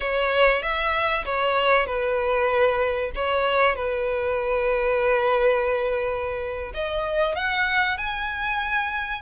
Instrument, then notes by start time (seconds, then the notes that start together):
violin
0.00 C#5
0.62 E5
1.25 C#5
1.86 B4
3.15 C#5
3.75 B4
6.73 D#5
7.35 F#5
7.97 G#5